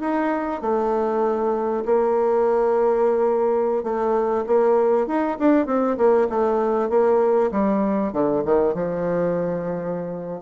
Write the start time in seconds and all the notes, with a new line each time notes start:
0.00 D#4
0.61 A3
1.85 A#3
3.83 A3
4.46 A#3
5.06 D#4
5.39 D4
5.66 C4
5.97 A#3
6.29 A3
6.89 A#3
7.51 G3
8.12 D3
8.45 D#3
8.74 F3